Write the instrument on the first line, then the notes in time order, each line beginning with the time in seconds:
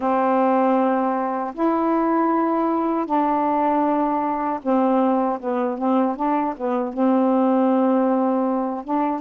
saxophone
0.00 C4
1.54 E4
3.06 D4
4.62 C4
5.40 B3
5.78 C4
6.16 D4
6.56 B3
6.93 C4
8.84 D4